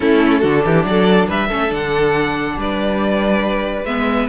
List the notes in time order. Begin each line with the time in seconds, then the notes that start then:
0.00 A3 C#4 E4 A4
0.40 D3 D4 F#4
0.65 E3 G4
0.84 F#3 A4 D5
1.28 G3 B4 E5
1.47 A3 C#4 A4
1.69 D3 D4 F#5
2.56 G3 B4 D5
3.84 G#3 B3 E5